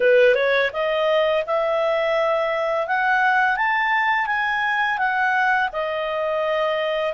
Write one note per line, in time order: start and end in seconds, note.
0.00 0.34 B4
0.34 0.70 C#5
0.72 1.44 D#5
1.46 2.87 E5
2.87 3.56 F#5
3.56 4.26 A5
4.26 4.97 G#5
4.97 5.69 F#5
5.72 7.13 D#5